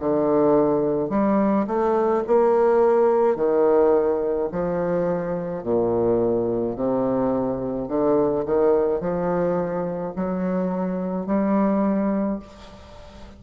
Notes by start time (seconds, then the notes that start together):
0.00 D3
1.10 G3
1.67 A3
2.27 A#3
3.36 D#3
4.52 F3
5.63 A#2
6.76 C3
7.88 D3
8.46 D#3
9.00 F3
10.16 F#3
11.26 G3